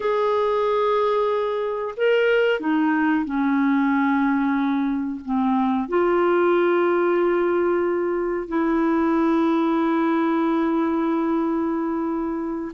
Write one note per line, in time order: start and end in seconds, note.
0.00 1.94 G#4
1.97 2.60 A#4
2.60 3.24 D#4
3.24 5.20 C#4
5.25 5.88 C4
5.88 8.48 F4
8.48 12.72 E4